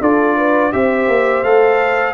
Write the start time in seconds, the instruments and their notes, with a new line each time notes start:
0.00 tuba D4, trombone F4, horn A4, trumpet D5
0.36 horn B4
0.72 tuba C4, trombone G4, horn C5, trumpet E5
1.07 tuba A#3
1.43 tuba A3, trombone A4, trumpet F5